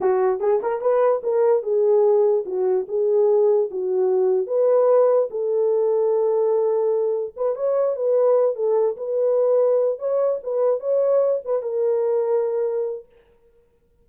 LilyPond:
\new Staff \with { instrumentName = "horn" } { \time 4/4 \tempo 4 = 147 fis'4 gis'8 ais'8 b'4 ais'4 | gis'2 fis'4 gis'4~ | gis'4 fis'2 b'4~ | b'4 a'2.~ |
a'2 b'8 cis''4 b'8~ | b'4 a'4 b'2~ | b'8 cis''4 b'4 cis''4. | b'8 ais'2.~ ais'8 | }